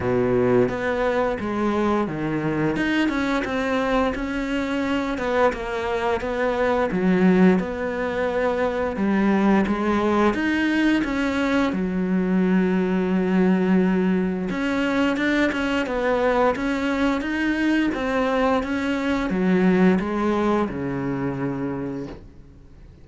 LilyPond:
\new Staff \with { instrumentName = "cello" } { \time 4/4 \tempo 4 = 87 b,4 b4 gis4 dis4 | dis'8 cis'8 c'4 cis'4. b8 | ais4 b4 fis4 b4~ | b4 g4 gis4 dis'4 |
cis'4 fis2.~ | fis4 cis'4 d'8 cis'8 b4 | cis'4 dis'4 c'4 cis'4 | fis4 gis4 cis2 | }